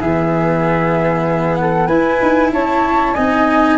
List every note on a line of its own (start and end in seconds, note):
0.00 1.88 E3
0.00 1.89 B3
0.00 1.59 G#4
0.00 1.55 E5
1.55 1.87 A4
1.55 1.87 F#5
1.87 2.20 E4
1.87 3.15 E4
1.87 2.50 B4
1.87 2.50 G#5
2.22 2.52 D#4
2.52 3.15 C#4
2.52 3.14 C#5
2.52 3.15 A5
3.14 3.78 C4
3.14 3.78 D#4
3.14 3.78 D#5
3.14 3.78 G#5